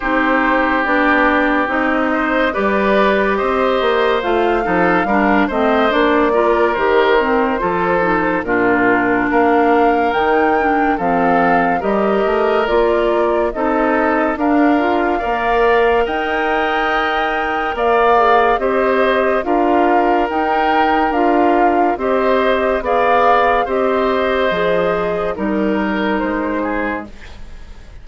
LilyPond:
<<
  \new Staff \with { instrumentName = "flute" } { \time 4/4 \tempo 4 = 71 c''4 d''4 dis''4 d''4 | dis''4 f''4. dis''8 d''4 | c''2 ais'4 f''4 | g''4 f''4 dis''4 d''4 |
dis''4 f''2 g''4~ | g''4 f''4 dis''4 f''4 | g''4 f''4 dis''4 f''4 | dis''2 ais'4 c''4 | }
  \new Staff \with { instrumentName = "oboe" } { \time 4/4 g'2~ g'8 c''8 b'4 | c''4. a'8 ais'8 c''4 ais'8~ | ais'4 a'4 f'4 ais'4~ | ais'4 a'4 ais'2 |
a'4 ais'4 d''4 dis''4~ | dis''4 d''4 c''4 ais'4~ | ais'2 c''4 d''4 | c''2 ais'4. gis'8 | }
  \new Staff \with { instrumentName = "clarinet" } { \time 4/4 dis'4 d'4 dis'4 g'4~ | g'4 f'8 dis'8 d'8 c'8 d'8 f'8 | g'8 c'8 f'8 dis'8 d'2 | dis'8 d'8 c'4 g'4 f'4 |
dis'4 d'8 f'8 ais'2~ | ais'4. gis'8 g'4 f'4 | dis'4 f'4 g'4 gis'4 | g'4 gis'4 dis'2 | }
  \new Staff \with { instrumentName = "bassoon" } { \time 4/4 c'4 b4 c'4 g4 | c'8 ais8 a8 f8 g8 a8 ais4 | dis4 f4 ais,4 ais4 | dis4 f4 g8 a8 ais4 |
c'4 d'4 ais4 dis'4~ | dis'4 ais4 c'4 d'4 | dis'4 d'4 c'4 b4 | c'4 f4 g4 gis4 | }
>>